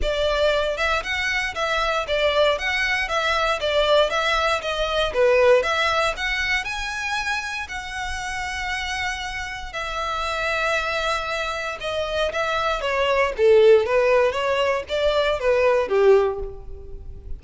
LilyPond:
\new Staff \with { instrumentName = "violin" } { \time 4/4 \tempo 4 = 117 d''4. e''8 fis''4 e''4 | d''4 fis''4 e''4 d''4 | e''4 dis''4 b'4 e''4 | fis''4 gis''2 fis''4~ |
fis''2. e''4~ | e''2. dis''4 | e''4 cis''4 a'4 b'4 | cis''4 d''4 b'4 g'4 | }